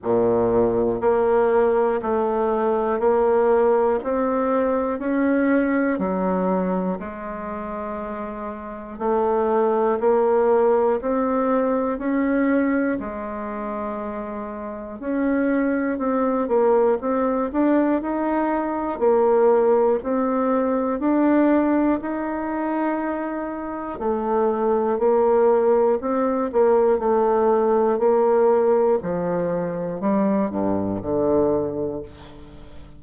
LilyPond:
\new Staff \with { instrumentName = "bassoon" } { \time 4/4 \tempo 4 = 60 ais,4 ais4 a4 ais4 | c'4 cis'4 fis4 gis4~ | gis4 a4 ais4 c'4 | cis'4 gis2 cis'4 |
c'8 ais8 c'8 d'8 dis'4 ais4 | c'4 d'4 dis'2 | a4 ais4 c'8 ais8 a4 | ais4 f4 g8 g,8 d4 | }